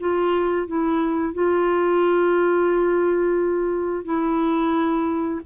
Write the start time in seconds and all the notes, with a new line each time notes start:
0.00 F4
0.67 E4
1.34 F4
4.05 E4